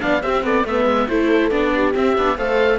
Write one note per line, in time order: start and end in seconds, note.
0.00 0.23 B3
0.00 0.21 D4
0.00 0.23 D5
0.00 0.22 F5
0.22 0.65 C4
0.22 0.43 C4
0.22 0.43 G4
0.22 0.43 E5
0.43 0.64 B3
0.43 0.65 A4
0.43 0.67 D5
0.64 0.85 A3
0.64 1.09 B3
0.64 1.08 B4
0.64 1.08 E5
0.85 1.06 G#3
1.08 1.51 A3
1.08 1.51 E4
1.08 1.74 A4
1.08 1.50 C5
1.50 1.93 B3
1.50 1.93 D4
1.50 1.93 D5
1.74 2.36 G4
1.93 2.14 C4
1.93 2.17 C4
1.93 2.38 E5
2.17 2.37 B3
2.17 2.37 D4
2.36 2.79 A3
2.36 2.79 A4
2.36 2.79 C5
2.36 2.79 F5